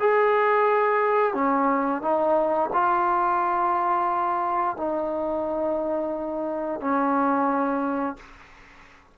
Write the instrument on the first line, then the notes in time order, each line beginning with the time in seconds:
trombone
0.00 G#4
1.34 C#4
2.02 D#4
2.74 F4
4.77 D#4
6.81 C#4